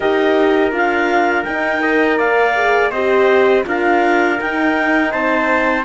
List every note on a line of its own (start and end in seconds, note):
0.00 0.71 D#4
0.00 0.72 G4
0.00 1.82 A#4
0.00 0.73 D#5
0.71 1.44 D4
0.71 1.45 F4
0.71 1.44 F5
1.44 2.19 D#4
1.44 1.80 D#4
1.44 2.17 G5
1.80 2.53 A#4
1.80 2.18 D#5
2.18 2.91 A#3
2.18 2.90 D5
2.18 2.90 F5
2.55 2.92 G#4
2.90 3.64 C4
2.90 3.64 G4
2.90 3.63 C5
2.90 3.63 D#5
3.64 4.39 D4
3.64 4.37 F4
3.64 5.11 A#4
3.64 4.40 F5
4.38 5.85 D#4
4.38 5.13 D#4
4.38 5.11 G5
5.11 5.85 C4
5.11 5.84 C5
5.11 5.84 A5